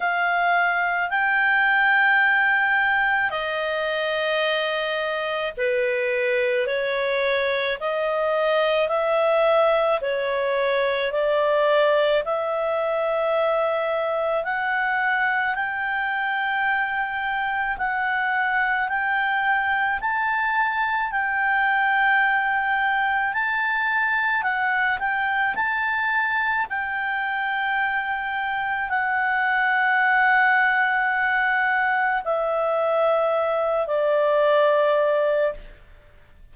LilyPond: \new Staff \with { instrumentName = "clarinet" } { \time 4/4 \tempo 4 = 54 f''4 g''2 dis''4~ | dis''4 b'4 cis''4 dis''4 | e''4 cis''4 d''4 e''4~ | e''4 fis''4 g''2 |
fis''4 g''4 a''4 g''4~ | g''4 a''4 fis''8 g''8 a''4 | g''2 fis''2~ | fis''4 e''4. d''4. | }